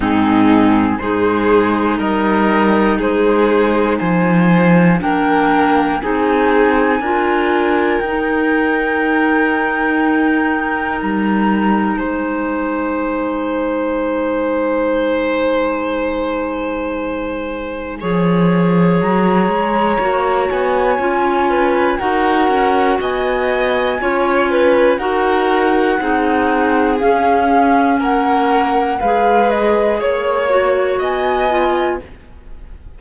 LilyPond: <<
  \new Staff \with { instrumentName = "flute" } { \time 4/4 \tempo 4 = 60 gis'4 c''4 dis''4 c''4 | gis''4 g''4 gis''2 | g''2. ais''4 | gis''1~ |
gis''2. ais''4~ | ais''8 gis''4. fis''4 gis''4~ | gis''4 fis''2 f''4 | fis''4 f''8 dis''8 cis''4 gis''4 | }
  \new Staff \with { instrumentName = "violin" } { \time 4/4 dis'4 gis'4 ais'4 gis'4 | c''4 ais'4 gis'4 ais'4~ | ais'1 | c''1~ |
c''2 cis''2~ | cis''4. b'8 ais'4 dis''4 | cis''8 b'8 ais'4 gis'2 | ais'4 b'4 cis''4 dis''4 | }
  \new Staff \with { instrumentName = "clarinet" } { \time 4/4 c'4 dis'2.~ | dis'4 d'4 dis'4 f'4 | dis'1~ | dis'1~ |
dis'2 gis'2 | fis'4 f'4 fis'2 | f'4 fis'4 dis'4 cis'4~ | cis'4 gis'4. fis'4 f'8 | }
  \new Staff \with { instrumentName = "cello" } { \time 4/4 gis,4 gis4 g4 gis4 | f4 ais4 c'4 d'4 | dis'2. g4 | gis1~ |
gis2 f4 fis8 gis8 | ais8 b8 cis'4 dis'8 cis'8 b4 | cis'4 dis'4 c'4 cis'4 | ais4 gis4 ais4 b4 | }
>>